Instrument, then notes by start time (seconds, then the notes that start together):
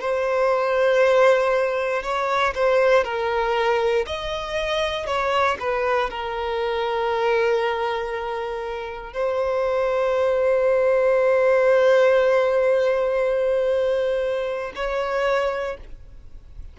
violin
0.00 C5
2.02 C#5
2.54 C5
3.04 A#4
4.06 D#5
5.06 C#5
5.59 B4
6.10 A#4
9.12 C5
14.75 C#5